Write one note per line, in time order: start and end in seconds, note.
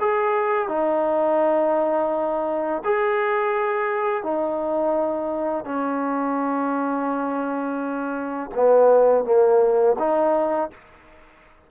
0.00 0.69 G#4
0.69 2.83 D#4
2.84 4.23 G#4
4.23 5.65 D#4
5.65 8.50 C#4
8.55 9.25 B3
9.25 9.96 A#3
9.99 10.70 D#4